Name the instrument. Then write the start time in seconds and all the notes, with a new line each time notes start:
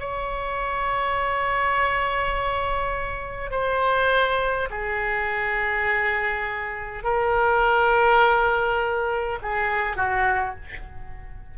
oboe
0.00 C#5
3.51 C5
4.70 G#4
7.04 A#4
9.42 G#4
9.97 F#4